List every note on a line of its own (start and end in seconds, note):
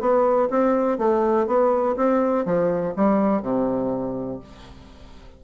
0.00 0.49 B3
0.50 0.98 C4
0.98 1.47 A3
1.47 1.96 B3
1.96 2.45 C4
2.45 2.94 F3
2.96 3.42 G3
3.42 4.40 C3